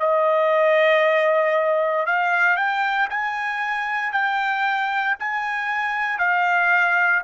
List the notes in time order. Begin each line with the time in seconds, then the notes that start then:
0.00 D#5
2.06 F5
2.57 G5
3.10 G#5
4.12 G5
5.19 G#5
6.19 F5